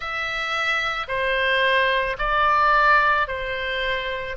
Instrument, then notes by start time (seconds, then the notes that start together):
oboe
0.00 E5
1.08 C5
2.18 D5
3.27 C5